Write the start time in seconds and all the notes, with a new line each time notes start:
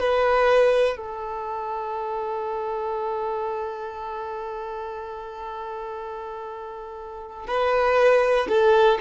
0.00 B4
0.97 A4
7.47 B4
8.49 A4